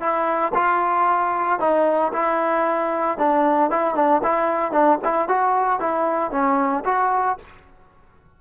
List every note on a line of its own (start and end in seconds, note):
0.00 0.53 E4
0.55 1.60 F4
1.60 2.12 D#4
2.13 3.18 E4
3.18 3.71 D4
3.71 3.95 E4
3.95 4.22 D4
4.23 4.72 E4
4.72 4.98 D4
5.05 5.29 E4
5.29 5.80 F#4
5.80 6.32 E4
6.32 6.84 C#4
6.85 7.38 F#4